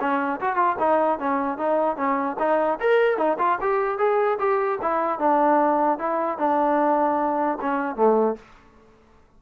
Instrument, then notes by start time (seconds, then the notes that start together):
trombone
0.00 C#4
0.40 F#4
0.55 F4
0.79 D#4
1.19 C#4
1.58 D#4
1.96 C#4
2.39 D#4
2.80 A#4
3.17 D#4
3.38 F4
3.61 G4
3.98 G#4
4.39 G4
4.81 E4
5.19 D4
5.98 E4
6.38 D4
7.61 C#4
7.96 A3